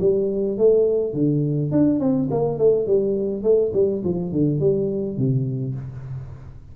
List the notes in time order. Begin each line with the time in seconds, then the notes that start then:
0.00 G3
0.58 A3
1.13 D3
1.71 D4
2.00 C4
2.31 A#3
2.58 A3
2.87 G3
3.43 A3
3.73 G3
4.04 F3
4.32 D3
4.60 G3
5.17 C3